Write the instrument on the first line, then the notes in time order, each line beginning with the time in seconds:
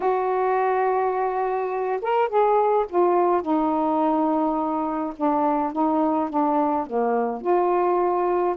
saxophone
0.00 F#4
2.01 A#4
2.28 G#4
2.89 F4
3.42 D#4
5.16 D4
5.72 D#4
6.29 D4
6.86 A#3
7.41 F4